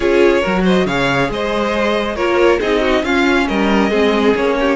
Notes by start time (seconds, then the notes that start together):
0.00 C#4 F4 G#4 C#5
0.41 F#3 F#4 A#4
0.64 C5 D#5
0.85 C#3 G#4 C#5 F5
1.29 G#3 C5 D#5
2.15 A#3 F4 A#4 C#5
2.59 C4 D#4 G#4 D#5
2.81 F#4
3.02 C#4 F4 F5
3.47 G3 A#4 D#5
3.90 G#3 C4 G#4
4.34 A#3 C#4 C#5
4.60 G4